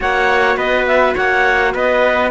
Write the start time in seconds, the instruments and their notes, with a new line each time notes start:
0.00 cello A#3, viola F#4, trumpet C#5, clarinet F#5
0.56 cello B3, trumpet B4, clarinet D#5
0.86 clarinet E5
1.14 cello A#3, trumpet C#5, clarinet F#5
1.74 cello B3, trumpet B4, clarinet D#5